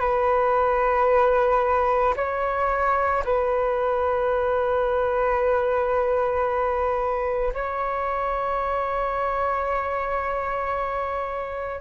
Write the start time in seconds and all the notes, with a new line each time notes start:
0.00 B4
2.16 C#5
3.25 B4
7.54 C#5